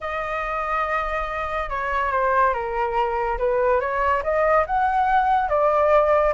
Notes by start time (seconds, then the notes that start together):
0.01 D#5
1.69 C#5
2.11 C5
2.53 A#4
3.38 B4
3.80 C#5
4.23 D#5
4.66 F#5
5.49 D5